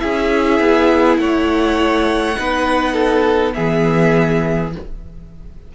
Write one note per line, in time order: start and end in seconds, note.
0.00 0.60 C#4
0.00 2.35 E4
0.00 1.20 G#4
0.00 1.18 E5
0.60 1.19 B3
1.19 2.36 A3
1.19 2.38 C#5
1.19 3.54 F#5
2.36 3.57 B3
2.36 3.54 D#4
2.36 2.94 B4
2.94 3.53 A4
3.54 4.75 E3
3.54 4.72 B3
3.54 4.74 G#4
3.54 4.72 E5